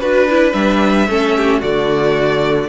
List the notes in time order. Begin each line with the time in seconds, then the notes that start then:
0.00 D4 F#4 B4
0.30 E4
0.53 G3 D4 E5
1.08 A3 C#4 A4
1.37 G4
1.60 D3 A3 F#4 D5